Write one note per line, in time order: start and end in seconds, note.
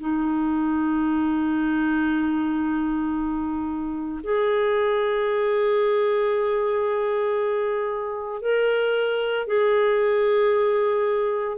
0.00 4.21 D#4
4.23 8.42 G#4
8.42 9.47 A#4
9.47 11.57 G#4